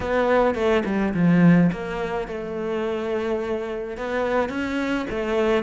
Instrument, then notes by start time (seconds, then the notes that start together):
cello
0.00 B3
0.54 A3
0.85 G3
1.14 F3
1.71 A#3
2.27 A3
3.97 B3
4.49 C#4
5.10 A3